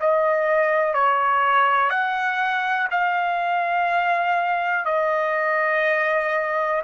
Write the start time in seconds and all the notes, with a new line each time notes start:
0.00 D#5
0.94 C#5
1.90 F#5
2.91 F5
4.86 D#5